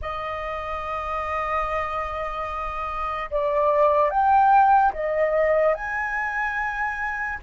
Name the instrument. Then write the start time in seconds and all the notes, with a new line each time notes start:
flute
0.01 D#5
3.30 D5
4.10 G5
4.93 D#5
5.74 G#5